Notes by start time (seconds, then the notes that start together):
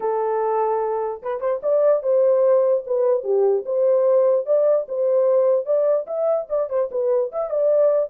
0.00 A4
1.22 B4
1.40 C5
1.62 D5
2.02 C5
2.86 B4
3.23 G4
3.65 C5
4.46 D5
4.88 C5
5.65 D5
6.06 E5
6.49 D5
6.69 C5
6.91 B4
7.32 E5
7.50 D5